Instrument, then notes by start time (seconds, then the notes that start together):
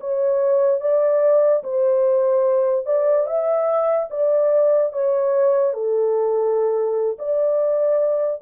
horn
0.00 C#5
0.80 D5
1.63 C5
2.85 D5
3.26 E5
4.10 D5
4.92 C#5
5.73 A4
7.18 D5